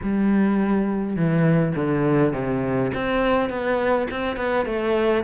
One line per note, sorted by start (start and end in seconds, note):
0.02 1.15 G3
1.15 1.74 E3
1.75 2.33 D3
2.33 2.91 C3
2.94 3.49 C4
3.49 4.07 B3
4.10 4.36 C4
4.36 4.65 B3
4.65 5.23 A3